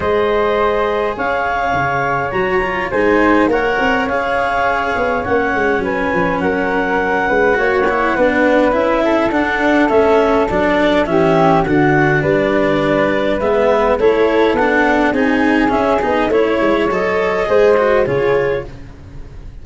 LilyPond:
<<
  \new Staff \with { instrumentName = "clarinet" } { \time 4/4 \tempo 4 = 103 dis''2 f''2 | ais''4 gis''4 fis''4 f''4~ | f''4 fis''4 gis''4 fis''4~ | fis''2. e''4 |
fis''4 e''4 d''4 e''4 | fis''4 d''2 e''4 | cis''4 fis''4 gis''4 e''8 dis''8 | cis''4 dis''2 cis''4 | }
  \new Staff \with { instrumentName = "flute" } { \time 4/4 c''2 cis''2~ | cis''4 c''4 cis''2~ | cis''2 b'4 ais'4~ | ais'8 b'8 cis''4 b'4. a'8~ |
a'2. g'4 | fis'4 b'2. | a'2 gis'2 | cis''2 c''4 gis'4 | }
  \new Staff \with { instrumentName = "cello" } { \time 4/4 gis'1 | fis'8 f'8 dis'4 ais'4 gis'4~ | gis'4 cis'2.~ | cis'4 fis'8 e'8 d'4 e'4 |
d'4 cis'4 d'4 cis'4 | d'2. b4 | e'4 d'4 dis'4 cis'8 dis'8 | e'4 a'4 gis'8 fis'8 f'4 | }
  \new Staff \with { instrumentName = "tuba" } { \time 4/4 gis2 cis'4 cis4 | fis4 gis4 ais8 c'8 cis'4~ | cis'8 b8 ais8 gis8 fis8 f8 fis4~ | fis8 gis8 ais4 b4 cis'4 |
d'4 a4 fis4 e4 | d4 g2 gis4 | a4 b4 c'4 cis'8 b8 | a8 gis8 fis4 gis4 cis4 | }
>>